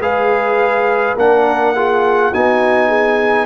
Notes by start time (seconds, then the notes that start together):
0.00 G#3 G#4 B4 F5
1.17 A#3 D4 A#4 F#5
1.76 F4 G#4
2.32 B3 D#4 F#4 G#5
2.88 G#4